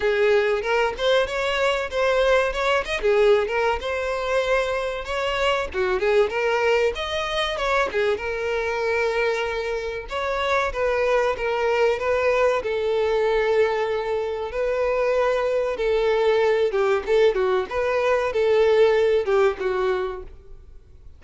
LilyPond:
\new Staff \with { instrumentName = "violin" } { \time 4/4 \tempo 4 = 95 gis'4 ais'8 c''8 cis''4 c''4 | cis''8 dis''16 gis'8. ais'8 c''2 | cis''4 fis'8 gis'8 ais'4 dis''4 | cis''8 gis'8 ais'2. |
cis''4 b'4 ais'4 b'4 | a'2. b'4~ | b'4 a'4. g'8 a'8 fis'8 | b'4 a'4. g'8 fis'4 | }